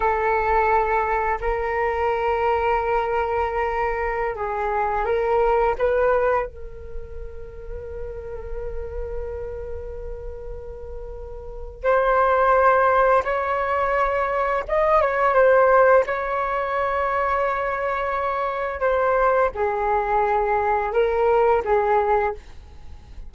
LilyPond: \new Staff \with { instrumentName = "flute" } { \time 4/4 \tempo 4 = 86 a'2 ais'2~ | ais'2~ ais'16 gis'4 ais'8.~ | ais'16 b'4 ais'2~ ais'8.~ | ais'1~ |
ais'4 c''2 cis''4~ | cis''4 dis''8 cis''8 c''4 cis''4~ | cis''2. c''4 | gis'2 ais'4 gis'4 | }